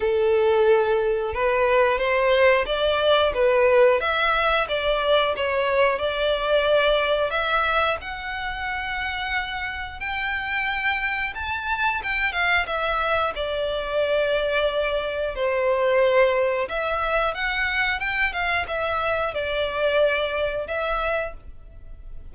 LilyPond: \new Staff \with { instrumentName = "violin" } { \time 4/4 \tempo 4 = 90 a'2 b'4 c''4 | d''4 b'4 e''4 d''4 | cis''4 d''2 e''4 | fis''2. g''4~ |
g''4 a''4 g''8 f''8 e''4 | d''2. c''4~ | c''4 e''4 fis''4 g''8 f''8 | e''4 d''2 e''4 | }